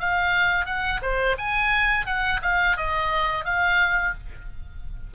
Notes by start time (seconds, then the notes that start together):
0.00 F5
0.66 F#5
1.02 C5
1.38 G#5
2.06 F#5
2.42 F5
2.77 D#5
3.45 F5